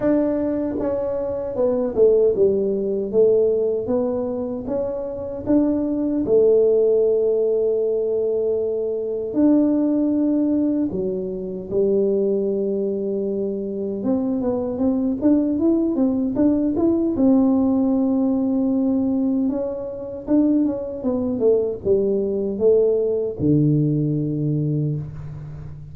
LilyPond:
\new Staff \with { instrumentName = "tuba" } { \time 4/4 \tempo 4 = 77 d'4 cis'4 b8 a8 g4 | a4 b4 cis'4 d'4 | a1 | d'2 fis4 g4~ |
g2 c'8 b8 c'8 d'8 | e'8 c'8 d'8 e'8 c'2~ | c'4 cis'4 d'8 cis'8 b8 a8 | g4 a4 d2 | }